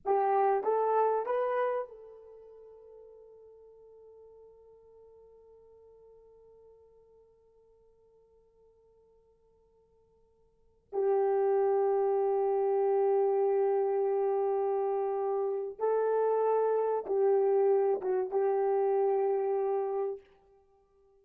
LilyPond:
\new Staff \with { instrumentName = "horn" } { \time 4/4 \tempo 4 = 95 g'4 a'4 b'4 a'4~ | a'1~ | a'1~ | a'1~ |
a'4~ a'16 g'2~ g'8.~ | g'1~ | g'4 a'2 g'4~ | g'8 fis'8 g'2. | }